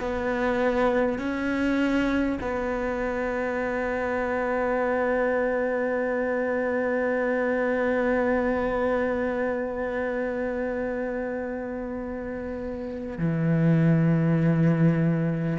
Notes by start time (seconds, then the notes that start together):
0.00 B3
1.18 C#4
2.41 B3
13.18 E3